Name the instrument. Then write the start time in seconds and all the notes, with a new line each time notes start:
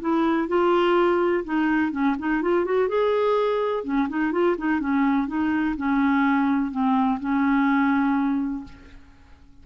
clarinet
0.00 E4
0.48 F4
1.44 D#4
1.92 C#4
2.19 D#4
2.42 F4
2.64 F#4
2.88 G#4
3.84 C#4
4.08 D#4
4.32 F4
4.57 D#4
4.80 C#4
5.27 D#4
5.76 C#4
6.71 C4
7.20 C#4